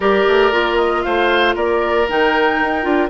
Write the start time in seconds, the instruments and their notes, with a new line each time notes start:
0.00 bassoon G3, clarinet G4, oboe A#4, flute D5
0.27 bassoon A3
0.52 bassoon A#3, clarinet F4
0.76 flute D#5
1.02 bassoon A3, oboe C5, flute F5
1.55 bassoon A#3, oboe A#4, flute D5
2.09 bassoon D#3, clarinet D#4, flute G5
2.61 bassoon D#4
2.82 bassoon D4, clarinet F4